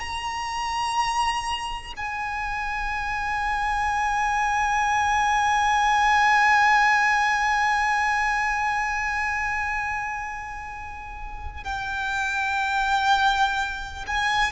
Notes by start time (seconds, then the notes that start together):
0.00 A#5
1.97 G#5
11.64 G5
14.07 G#5